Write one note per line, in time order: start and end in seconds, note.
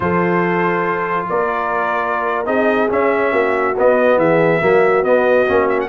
0.00 1.28 F3
0.00 2.45 F4
0.00 1.29 A4
0.00 1.27 C5
1.29 2.46 A#3
1.29 2.47 A#4
1.29 2.46 D5
2.45 2.89 C4
2.45 2.88 D#4
2.45 3.32 G#4
2.45 2.89 D#5
2.88 3.74 C#4
2.88 3.32 C#4
2.88 3.77 E5
3.32 3.75 A#3
3.32 4.17 F#4
3.77 4.61 B3
3.77 4.16 B3
3.77 4.18 D#5
4.16 4.59 E3
4.16 4.61 G#4
4.16 5.03 E5
4.61 5.03 F#3
4.61 5.03 A#3
4.61 5.88 F#4
5.03 5.46 B3
5.03 5.68 D#5
5.47 5.88 A#3
5.47 5.88 C#4
5.69 5.79 E5
5.80 5.88 F#5